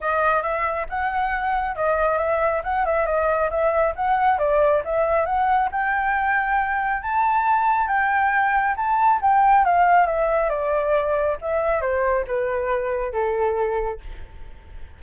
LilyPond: \new Staff \with { instrumentName = "flute" } { \time 4/4 \tempo 4 = 137 dis''4 e''4 fis''2 | dis''4 e''4 fis''8 e''8 dis''4 | e''4 fis''4 d''4 e''4 | fis''4 g''2. |
a''2 g''2 | a''4 g''4 f''4 e''4 | d''2 e''4 c''4 | b'2 a'2 | }